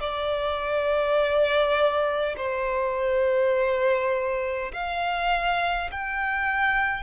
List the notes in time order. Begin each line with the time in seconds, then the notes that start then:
0.00 D5
2.36 C5
4.73 F5
5.91 G5